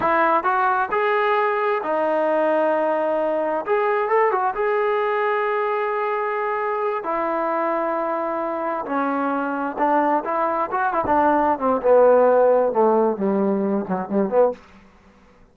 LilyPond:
\new Staff \with { instrumentName = "trombone" } { \time 4/4 \tempo 4 = 132 e'4 fis'4 gis'2 | dis'1 | gis'4 a'8 fis'8 gis'2~ | gis'2.~ gis'8 e'8~ |
e'2.~ e'8 cis'8~ | cis'4. d'4 e'4 fis'8 | e'16 d'4~ d'16 c'8 b2 | a4 g4. fis8 g8 b8 | }